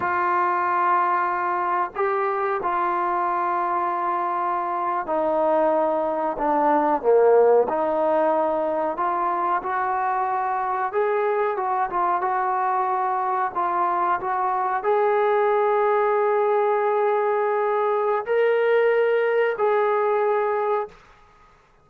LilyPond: \new Staff \with { instrumentName = "trombone" } { \time 4/4 \tempo 4 = 92 f'2. g'4 | f'2.~ f'8. dis'16~ | dis'4.~ dis'16 d'4 ais4 dis'16~ | dis'4.~ dis'16 f'4 fis'4~ fis'16~ |
fis'8. gis'4 fis'8 f'8 fis'4~ fis'16~ | fis'8. f'4 fis'4 gis'4~ gis'16~ | gis'1 | ais'2 gis'2 | }